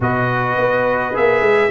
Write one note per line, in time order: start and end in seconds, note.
0.00 0.57 B2
0.00 1.13 F#4
0.00 1.70 B4
0.00 1.16 D#5
0.57 1.14 B3
1.13 1.41 A#3
1.13 1.70 G#4
1.13 1.70 E5
1.41 1.70 G#3